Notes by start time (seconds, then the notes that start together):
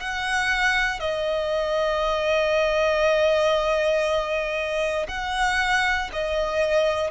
0.00 F#5
1.00 D#5
5.08 F#5
6.12 D#5